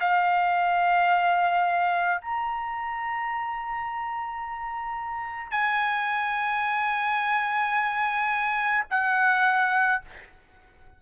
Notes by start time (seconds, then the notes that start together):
0.00 F5
2.21 A#5
5.51 G#5
8.90 F#5